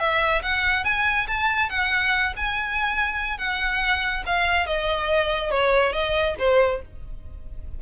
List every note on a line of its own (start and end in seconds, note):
0.00 0.43 E5
0.43 0.85 F#5
0.85 1.27 G#5
1.28 1.70 A5
1.70 2.34 F#5
2.37 3.38 G#5
3.38 4.24 F#5
4.26 4.67 F5
4.67 5.51 D#5
5.51 5.93 C#5
5.93 6.36 D#5
6.39 6.82 C5